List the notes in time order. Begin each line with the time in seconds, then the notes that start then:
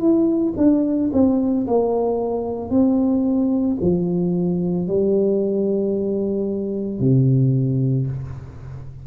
0.00 E4
0.57 D4
1.13 C4
1.68 A#3
2.70 C4
3.81 F3
4.87 G3
7.00 C3